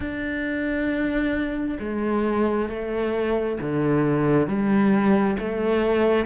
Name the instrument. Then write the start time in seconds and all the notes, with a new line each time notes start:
cello
0.00 D4
1.79 G#3
2.69 A3
3.60 D3
4.47 G3
5.38 A3